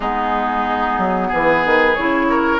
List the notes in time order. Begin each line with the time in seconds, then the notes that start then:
0.00 G#3 B3 D#4 G#4
0.97 F#3
1.28 E3 G#4 B4
1.65 D#3
1.94 C#3 E4 C#5
2.29 A#4